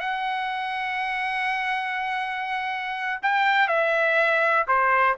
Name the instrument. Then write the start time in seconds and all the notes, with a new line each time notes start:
trumpet
0.00 F#5
3.22 G5
3.68 E5
4.67 C5